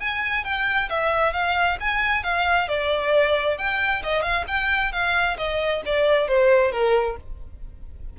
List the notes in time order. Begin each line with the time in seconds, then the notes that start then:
0.00 G#5
0.44 G5
0.90 E5
1.34 F5
1.81 G#5
2.24 F5
2.69 D5
3.58 G5
4.03 D#5
4.23 F5
4.48 G5
4.93 F5
5.38 D#5
5.86 D5
6.28 C5
6.72 A#4